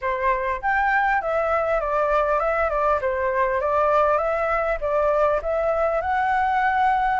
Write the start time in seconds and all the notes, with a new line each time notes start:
0.01 C5
0.61 G5
1.21 E5
1.80 D5
2.39 E5
2.69 D5
3.01 C5
3.60 D5
4.18 E5
4.81 D5
5.42 E5
6.01 F#5